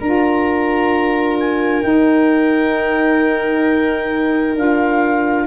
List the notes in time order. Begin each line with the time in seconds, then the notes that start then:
0.00 D4 F4 A#4 A#5
1.40 G#5
1.83 D#4 G5
4.56 D4 F4 F5